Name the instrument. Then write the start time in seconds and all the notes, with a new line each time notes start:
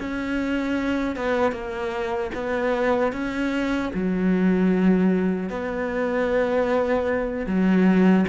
cello
0.00 C#4
1.17 B3
1.53 A#3
2.35 B3
3.13 C#4
3.95 F#3
5.50 B3
7.47 F#3